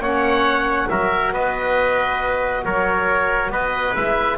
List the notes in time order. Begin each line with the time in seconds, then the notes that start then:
0.00 A#3 C#4 C#5 F#5
0.89 F#3 F#4 A#4 E5
1.34 B3 B4 D#5
2.66 F#3 A#4 C#5
3.50 B3 B4 D#5
3.96 G#3 E4 E5